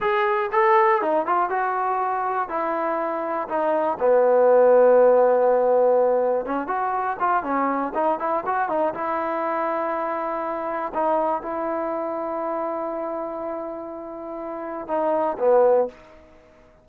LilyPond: \new Staff \with { instrumentName = "trombone" } { \time 4/4 \tempo 4 = 121 gis'4 a'4 dis'8 f'8 fis'4~ | fis'4 e'2 dis'4 | b1~ | b4 cis'8 fis'4 f'8 cis'4 |
dis'8 e'8 fis'8 dis'8 e'2~ | e'2 dis'4 e'4~ | e'1~ | e'2 dis'4 b4 | }